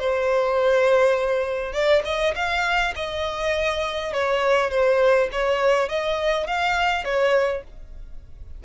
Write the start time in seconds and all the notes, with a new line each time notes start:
0.00 C5
1.74 D5
2.05 D#5
2.36 F5
2.96 D#5
4.14 C#5
4.71 C5
5.33 C#5
5.89 D#5
6.47 F5
7.05 C#5